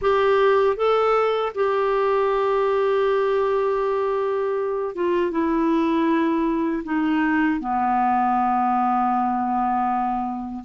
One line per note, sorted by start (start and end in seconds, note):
0.01 0.76 G4
0.76 1.52 A4
1.54 4.95 G4
4.95 5.31 F4
5.31 6.83 E4
6.84 7.59 D#4
7.59 10.63 B3